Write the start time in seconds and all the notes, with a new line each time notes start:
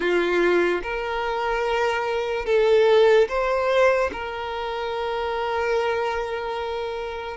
0.00 F4
0.82 A#4
2.45 A4
3.28 C5
4.12 A#4